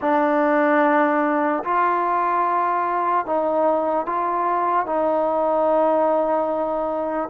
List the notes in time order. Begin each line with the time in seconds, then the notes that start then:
0.01 D4
1.64 F4
3.25 D#4
4.05 F4
4.85 D#4